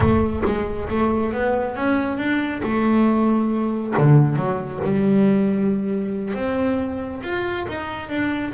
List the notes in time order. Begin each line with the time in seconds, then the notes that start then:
0.00 A3
0.45 G#3
0.89 A3
1.33 B3
1.75 C#4
2.17 D4
2.62 A3
3.97 D3
4.36 F#3
4.84 G3
6.34 C4
7.22 F4
7.68 D#4
8.09 D4